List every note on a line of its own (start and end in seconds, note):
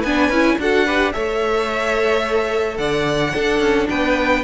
0.00 0.29 B3
0.00 0.32 D4
0.00 0.55 B4
0.00 0.58 G#5
0.29 0.57 C#4
0.29 0.60 E4
0.58 1.13 D4
0.58 0.86 F#4
0.58 0.85 A4
0.58 1.13 F#5
0.85 1.13 G4
0.85 1.13 B4
1.13 2.78 A3
1.13 3.33 A4
1.13 2.78 C#5
1.13 2.78 E5
2.78 3.33 D3
2.78 3.34 D5
2.78 3.88 F#5
3.34 4.44 D4
3.34 3.60 D4
3.34 3.89 A4
3.60 3.87 C#4
3.89 4.44 B3
3.89 4.44 B4
3.89 4.44 G5